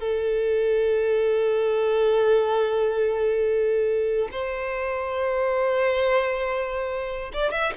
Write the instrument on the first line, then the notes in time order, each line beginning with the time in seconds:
violin
0.00 A4
4.32 C5
7.33 D5
7.52 E5